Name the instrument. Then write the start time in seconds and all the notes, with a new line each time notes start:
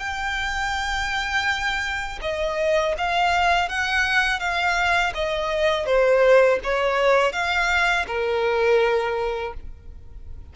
violin
0.00 G5
2.22 D#5
2.98 F5
3.69 F#5
4.40 F5
5.15 D#5
5.86 C5
6.64 C#5
7.33 F5
8.08 A#4